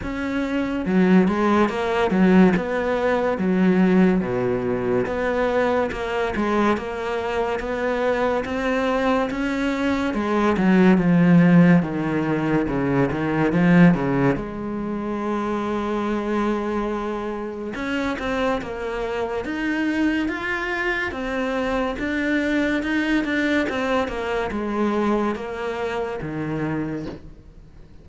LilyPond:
\new Staff \with { instrumentName = "cello" } { \time 4/4 \tempo 4 = 71 cis'4 fis8 gis8 ais8 fis8 b4 | fis4 b,4 b4 ais8 gis8 | ais4 b4 c'4 cis'4 | gis8 fis8 f4 dis4 cis8 dis8 |
f8 cis8 gis2.~ | gis4 cis'8 c'8 ais4 dis'4 | f'4 c'4 d'4 dis'8 d'8 | c'8 ais8 gis4 ais4 dis4 | }